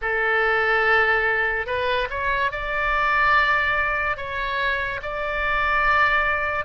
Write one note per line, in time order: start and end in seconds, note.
0.01 1.66 A4
1.66 2.08 B4
2.10 2.51 C#5
2.51 4.17 D5
4.17 5.00 C#5
5.02 6.65 D5